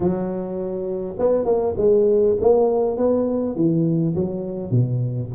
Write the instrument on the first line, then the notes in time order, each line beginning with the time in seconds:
tuba
0.00 F#3
1.19 B3
1.45 A#3
1.77 G#3
2.40 A#3
2.97 B3
3.55 E3
4.14 F#3
4.70 B2